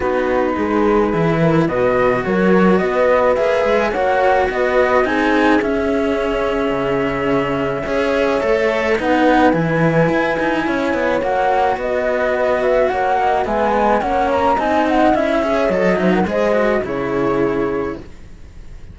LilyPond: <<
  \new Staff \with { instrumentName = "flute" } { \time 4/4 \tempo 4 = 107 b'2. dis''4 | cis''4 dis''4 e''4 fis''4 | dis''4 gis''4 e''2~ | e''1 |
fis''4 gis''2. | fis''4 dis''4. e''8 fis''4 | gis''4 fis''8 ais''8 gis''8 fis''8 e''4 | dis''8 e''16 fis''16 dis''4 cis''2 | }
  \new Staff \with { instrumentName = "horn" } { \time 4/4 fis'4 gis'4. ais'8 b'4 | ais'4 b'2 cis''4 | b'4 gis'2.~ | gis'2 cis''2 |
b'2. cis''4~ | cis''4 b'2 cis''8 dis''8 | e''8 dis''8 cis''4 dis''4. cis''8~ | cis''8 c''16 ais'16 c''4 gis'2 | }
  \new Staff \with { instrumentName = "cello" } { \time 4/4 dis'2 e'4 fis'4~ | fis'2 gis'4 fis'4~ | fis'4 dis'4 cis'2~ | cis'2 gis'4 a'4 |
dis'4 e'2. | fis'1 | b4 cis'4 dis'4 e'8 gis'8 | a'8 dis'8 gis'8 fis'8 e'2 | }
  \new Staff \with { instrumentName = "cello" } { \time 4/4 b4 gis4 e4 b,4 | fis4 b4 ais8 gis8 ais4 | b4 c'4 cis'2 | cis2 cis'4 a4 |
b4 e4 e'8 dis'8 cis'8 b8 | ais4 b2 ais4 | gis4 ais4 c'4 cis'4 | fis4 gis4 cis2 | }
>>